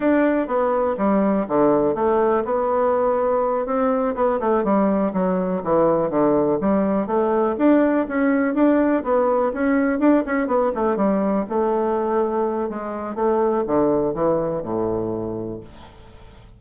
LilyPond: \new Staff \with { instrumentName = "bassoon" } { \time 4/4 \tempo 4 = 123 d'4 b4 g4 d4 | a4 b2~ b8 c'8~ | c'8 b8 a8 g4 fis4 e8~ | e8 d4 g4 a4 d'8~ |
d'8 cis'4 d'4 b4 cis'8~ | cis'8 d'8 cis'8 b8 a8 g4 a8~ | a2 gis4 a4 | d4 e4 a,2 | }